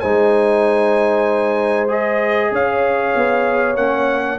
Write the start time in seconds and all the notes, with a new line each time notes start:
0.00 G#3 D#4 C5 G#5
1.88 G#4 D#5
2.51 C#4 C#5 F5
3.15 B3
3.76 A#3 C#4 F#5